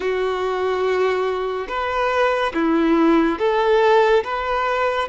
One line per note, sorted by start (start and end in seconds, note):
0.00 1.67 F#4
1.68 2.52 B4
2.54 3.38 E4
3.38 4.23 A4
4.24 5.08 B4